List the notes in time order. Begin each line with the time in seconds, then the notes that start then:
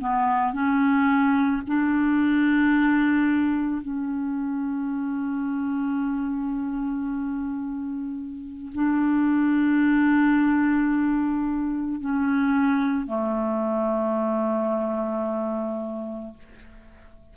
0.00 B3
0.53 C#4
1.67 D4
3.82 C#4
8.74 D4
12.00 C#4
13.07 A3